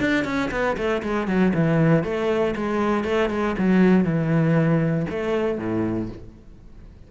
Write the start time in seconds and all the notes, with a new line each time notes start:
0.00 D4
0.24 C#4
0.51 B3
0.77 A3
1.02 G#3
1.27 F#3
1.54 E3
2.04 A3
2.55 G#3
3.04 A3
3.30 G#3
3.58 F#3
4.04 E3
5.10 A3
5.58 A2